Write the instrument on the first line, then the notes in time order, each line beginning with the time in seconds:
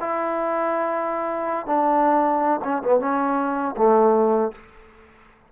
trombone
0.00 E4
1.66 D4
2.64 C#4
2.83 B3
3.00 C#4
3.77 A3